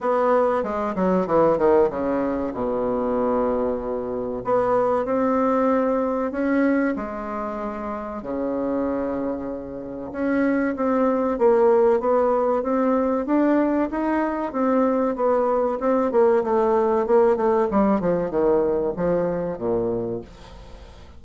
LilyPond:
\new Staff \with { instrumentName = "bassoon" } { \time 4/4 \tempo 4 = 95 b4 gis8 fis8 e8 dis8 cis4 | b,2. b4 | c'2 cis'4 gis4~ | gis4 cis2. |
cis'4 c'4 ais4 b4 | c'4 d'4 dis'4 c'4 | b4 c'8 ais8 a4 ais8 a8 | g8 f8 dis4 f4 ais,4 | }